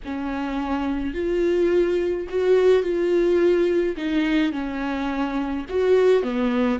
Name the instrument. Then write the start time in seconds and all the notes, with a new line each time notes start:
viola
0.04 C#4
1.14 F4
2.29 F#4
2.83 F4
3.96 D#4
4.52 C#4
5.69 F#4
6.22 B3